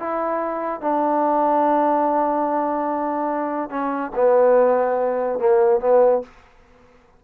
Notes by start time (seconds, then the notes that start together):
0.00 E4
0.81 D4
3.70 C#4
4.16 B3
5.39 A#3
5.81 B3